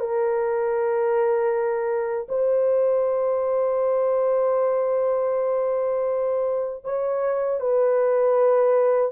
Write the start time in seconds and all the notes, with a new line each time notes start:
0.00 A#4
2.29 C5
6.85 C#5
7.61 B4